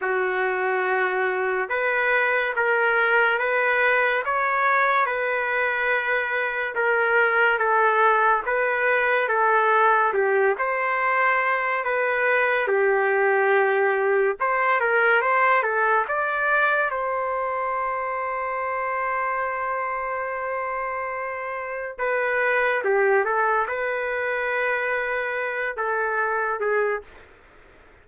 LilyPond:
\new Staff \with { instrumentName = "trumpet" } { \time 4/4 \tempo 4 = 71 fis'2 b'4 ais'4 | b'4 cis''4 b'2 | ais'4 a'4 b'4 a'4 | g'8 c''4. b'4 g'4~ |
g'4 c''8 ais'8 c''8 a'8 d''4 | c''1~ | c''2 b'4 g'8 a'8 | b'2~ b'8 a'4 gis'8 | }